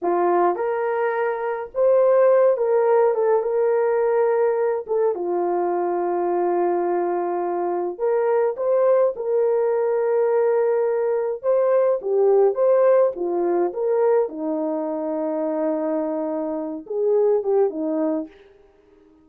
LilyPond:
\new Staff \with { instrumentName = "horn" } { \time 4/4 \tempo 4 = 105 f'4 ais'2 c''4~ | c''8 ais'4 a'8 ais'2~ | ais'8 a'8 f'2.~ | f'2 ais'4 c''4 |
ais'1 | c''4 g'4 c''4 f'4 | ais'4 dis'2.~ | dis'4. gis'4 g'8 dis'4 | }